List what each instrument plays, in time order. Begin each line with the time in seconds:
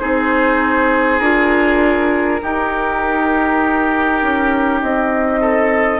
0.00 bassoon C4, clarinet D#4, oboe G#4, flute C5
1.19 bassoon D4, clarinet F4, flute A#4
2.40 clarinet D#4, bassoon D#4, oboe G4
4.22 bassoon C#4
4.82 bassoon C4, flute D#5
5.40 oboe A4